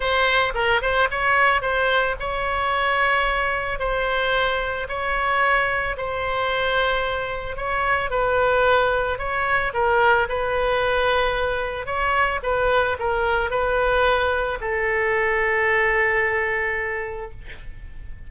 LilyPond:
\new Staff \with { instrumentName = "oboe" } { \time 4/4 \tempo 4 = 111 c''4 ais'8 c''8 cis''4 c''4 | cis''2. c''4~ | c''4 cis''2 c''4~ | c''2 cis''4 b'4~ |
b'4 cis''4 ais'4 b'4~ | b'2 cis''4 b'4 | ais'4 b'2 a'4~ | a'1 | }